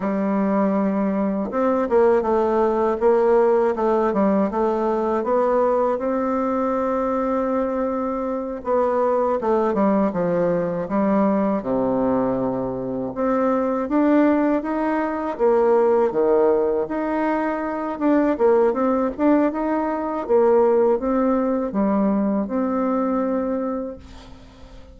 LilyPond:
\new Staff \with { instrumentName = "bassoon" } { \time 4/4 \tempo 4 = 80 g2 c'8 ais8 a4 | ais4 a8 g8 a4 b4 | c'2.~ c'8 b8~ | b8 a8 g8 f4 g4 c8~ |
c4. c'4 d'4 dis'8~ | dis'8 ais4 dis4 dis'4. | d'8 ais8 c'8 d'8 dis'4 ais4 | c'4 g4 c'2 | }